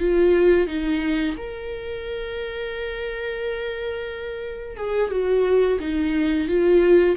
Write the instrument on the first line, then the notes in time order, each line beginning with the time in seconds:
viola
0.00 F4
0.68 D#4
1.37 A#4
4.77 G#4
5.11 F#4
5.80 D#4
6.48 F4